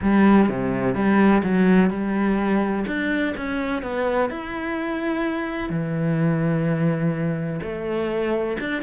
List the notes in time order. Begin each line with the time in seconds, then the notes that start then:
0.02 G3
0.48 C3
0.94 G3
1.43 F#3
1.90 G3
2.86 D4
3.36 C#4
3.82 B3
4.30 E4
5.69 E3
7.62 A3
8.60 D4